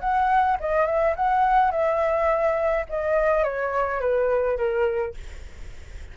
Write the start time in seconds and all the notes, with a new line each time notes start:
0.00 F#5
0.60 D#5
0.86 E5
1.16 F#5
1.71 E5
2.89 D#5
3.44 C#5
4.01 B4
4.57 A#4